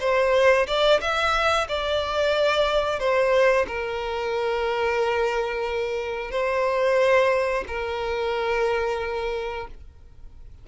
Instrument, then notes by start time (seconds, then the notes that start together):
violin
0.00 C5
0.67 D5
1.01 E5
1.68 D5
2.99 C5
3.67 A#4
6.31 C5
7.68 A#4